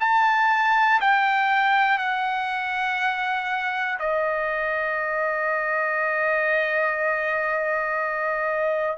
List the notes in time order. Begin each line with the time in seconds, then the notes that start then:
0.00 A5
1.01 G5
1.99 F#5
4.00 D#5